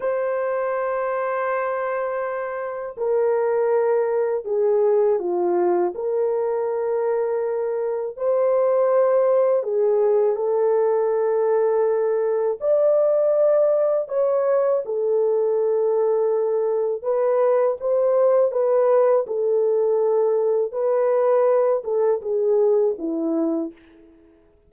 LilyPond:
\new Staff \with { instrumentName = "horn" } { \time 4/4 \tempo 4 = 81 c''1 | ais'2 gis'4 f'4 | ais'2. c''4~ | c''4 gis'4 a'2~ |
a'4 d''2 cis''4 | a'2. b'4 | c''4 b'4 a'2 | b'4. a'8 gis'4 e'4 | }